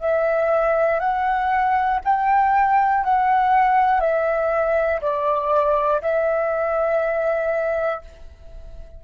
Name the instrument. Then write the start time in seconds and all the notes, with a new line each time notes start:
flute
0.00 E5
1.00 F#5
2.04 G5
3.04 F#5
4.00 E5
5.01 D5
6.02 E5